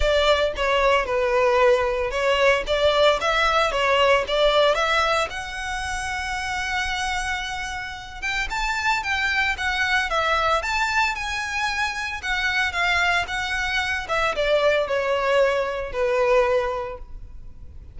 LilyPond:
\new Staff \with { instrumentName = "violin" } { \time 4/4 \tempo 4 = 113 d''4 cis''4 b'2 | cis''4 d''4 e''4 cis''4 | d''4 e''4 fis''2~ | fis''2.~ fis''8 g''8 |
a''4 g''4 fis''4 e''4 | a''4 gis''2 fis''4 | f''4 fis''4. e''8 d''4 | cis''2 b'2 | }